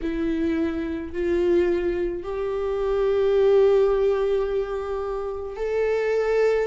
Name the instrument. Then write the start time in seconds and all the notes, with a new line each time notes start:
viola
0.02 E4
1.12 F4
2.23 G4
5.56 A4